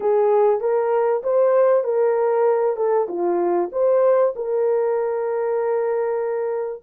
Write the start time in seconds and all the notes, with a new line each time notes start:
0.00 G#4
0.60 A#4
1.23 C5
1.84 A#4
2.76 A4
3.08 F4
3.72 C5
4.35 A#4